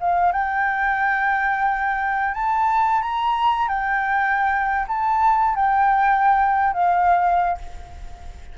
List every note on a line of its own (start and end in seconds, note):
0.00 0.32 F5
0.32 2.34 G5
2.34 3.02 A5
3.02 3.68 A#5
3.68 4.86 G5
4.88 5.55 A5
5.55 6.73 G5
6.74 7.58 F5